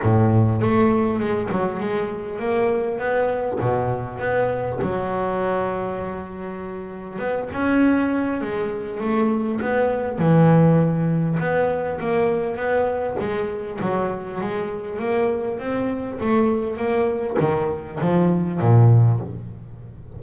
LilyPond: \new Staff \with { instrumentName = "double bass" } { \time 4/4 \tempo 4 = 100 a,4 a4 gis8 fis8 gis4 | ais4 b4 b,4 b4 | fis1 | b8 cis'4. gis4 a4 |
b4 e2 b4 | ais4 b4 gis4 fis4 | gis4 ais4 c'4 a4 | ais4 dis4 f4 ais,4 | }